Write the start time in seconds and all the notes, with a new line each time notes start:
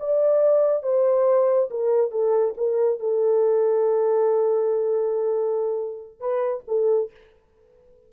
0.00 D5
0.83 C5
1.71 A#4
2.12 A4
2.58 A#4
3.00 A4
6.21 B4
6.68 A4